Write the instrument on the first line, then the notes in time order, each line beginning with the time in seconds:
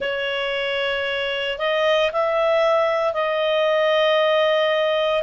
clarinet
0.00 C#5
1.58 D#5
2.12 E5
3.13 D#5